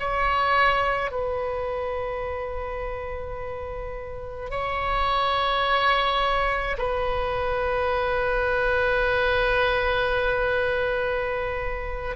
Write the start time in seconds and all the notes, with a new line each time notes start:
0.00 C#5
1.12 B4
4.51 C#5
6.78 B4